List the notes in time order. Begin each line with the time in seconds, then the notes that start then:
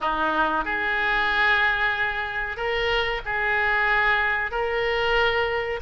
0.00 D#4
0.65 G#4
2.56 A#4
3.25 G#4
4.51 A#4